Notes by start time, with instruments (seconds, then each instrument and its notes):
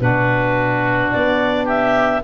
0.00 tuba B2, saxophone D4, oboe F#4, clarinet B4
1.11 tuba B3, clarinet D5
1.65 oboe G4, clarinet E5